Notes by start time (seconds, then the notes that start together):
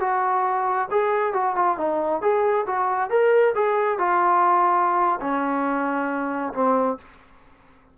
0.00 F#4
0.91 G#4
1.33 F#4
1.55 F4
1.78 D#4
2.21 G#4
2.66 F#4
3.10 A#4
3.55 G#4
3.98 F4
5.21 C#4
6.53 C4